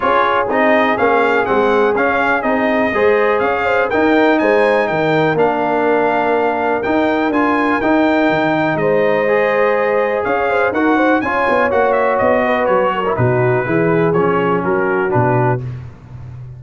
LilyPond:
<<
  \new Staff \with { instrumentName = "trumpet" } { \time 4/4 \tempo 4 = 123 cis''4 dis''4 f''4 fis''4 | f''4 dis''2 f''4 | g''4 gis''4 g''4 f''4~ | f''2 g''4 gis''4 |
g''2 dis''2~ | dis''4 f''4 fis''4 gis''4 | fis''8 e''8 dis''4 cis''4 b'4~ | b'4 cis''4 ais'4 b'4 | }
  \new Staff \with { instrumentName = "horn" } { \time 4/4 gis'1~ | gis'2 c''4 cis''8 c''8 | ais'4 c''4 ais'2~ | ais'1~ |
ais'2 c''2~ | c''4 cis''8 c''8 ais'8 c''8 cis''4~ | cis''4. b'4 ais'8 fis'4 | gis'2 fis'2 | }
  \new Staff \with { instrumentName = "trombone" } { \time 4/4 f'4 dis'4 cis'4 c'4 | cis'4 dis'4 gis'2 | dis'2. d'4~ | d'2 dis'4 f'4 |
dis'2. gis'4~ | gis'2 fis'4 f'4 | fis'2~ fis'8. e'16 dis'4 | e'4 cis'2 d'4 | }
  \new Staff \with { instrumentName = "tuba" } { \time 4/4 cis'4 c'4 ais4 gis4 | cis'4 c'4 gis4 cis'4 | dis'4 gis4 dis4 ais4~ | ais2 dis'4 d'4 |
dis'4 dis4 gis2~ | gis4 cis'4 dis'4 cis'8 b8 | ais4 b4 fis4 b,4 | e4 f4 fis4 b,4 | }
>>